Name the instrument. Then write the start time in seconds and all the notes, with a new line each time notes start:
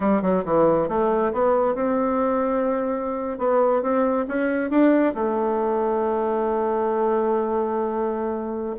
bassoon
0.00 G3
0.22 F#3
0.45 E3
0.88 A3
1.33 B3
1.74 C4
3.38 B3
3.82 C4
4.27 C#4
4.70 D4
5.14 A3